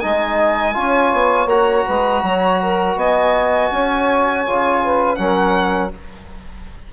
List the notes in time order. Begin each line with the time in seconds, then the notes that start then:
0.00 G#3 D#4 D#5 G#5
0.74 C#4 F4 C#5
1.13 B3
1.46 A#3 F#4 A#5
1.85 G#3 B4
2.23 F#3 C#5
2.61 A#4
2.96 B3 D#5 G#5
3.71 C#4 C#5
4.47 C#3 F4
4.82 B4
5.15 F#3 C#4 A#4 F#5